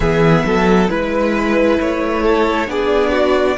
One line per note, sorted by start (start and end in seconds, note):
0.00 0.43 E3
0.00 0.89 B3
0.00 0.43 G#4
0.00 0.89 E5
0.44 0.89 F#3
0.44 0.90 A4
0.89 1.79 G#3
0.89 2.68 E4
0.89 1.79 B4
0.89 2.22 B4
1.80 2.68 A3
1.80 2.70 C#5
2.22 2.67 A4
2.68 3.57 B3
2.68 3.57 D4
2.68 3.12 G#4
2.68 3.58 D5
3.12 3.57 F#4